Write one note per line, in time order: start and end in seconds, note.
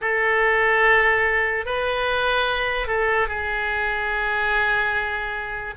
0.01 1.65 A4
1.65 2.87 B4
2.87 3.28 A4
3.28 5.74 G#4